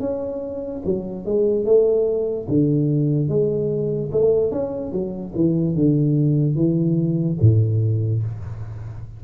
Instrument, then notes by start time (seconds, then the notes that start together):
tuba
0.00 C#4
0.86 F#3
1.26 G#3
1.65 A3
2.48 D3
3.29 G#3
4.12 A3
4.52 C#4
4.92 F#3
5.35 E3
5.75 D3
6.56 E3
7.41 A2